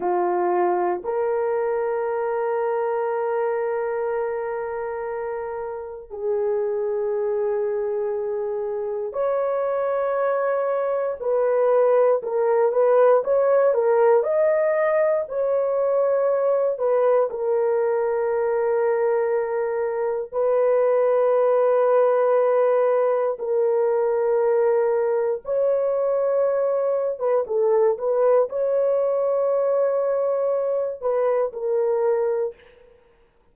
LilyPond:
\new Staff \with { instrumentName = "horn" } { \time 4/4 \tempo 4 = 59 f'4 ais'2.~ | ais'2 gis'2~ | gis'4 cis''2 b'4 | ais'8 b'8 cis''8 ais'8 dis''4 cis''4~ |
cis''8 b'8 ais'2. | b'2. ais'4~ | ais'4 cis''4.~ cis''16 b'16 a'8 b'8 | cis''2~ cis''8 b'8 ais'4 | }